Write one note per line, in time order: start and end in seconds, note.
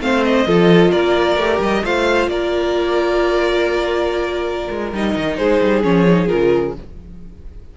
0.00 0.46 A3
0.00 0.47 C4
0.00 0.47 C5
0.00 0.24 F5
0.24 0.91 D#5
0.46 0.92 F3
0.46 1.39 F4
0.46 0.91 A4
0.91 1.37 A#3
0.91 1.83 A#4
0.91 1.60 D5
1.37 1.59 A3
1.37 1.84 G4
1.60 1.82 G3
1.60 1.85 D#5
1.84 2.28 A3
1.84 4.93 F4
1.84 2.30 C5
1.84 2.29 F5
2.28 4.68 A#3
2.28 5.37 A#4
2.28 4.92 D5
4.71 4.93 G#3
4.93 5.15 G3
4.93 5.83 D#4
4.93 5.37 D#5
5.16 5.38 D#3
5.37 5.61 G#3
5.37 6.75 G#4
5.37 5.82 C5
5.62 5.85 G3
5.83 6.30 F3
5.83 6.06 C#4
5.83 6.28 C#5
6.09 6.28 D#4
6.28 6.77 C#3
6.28 6.73 F4
6.28 6.74 A#4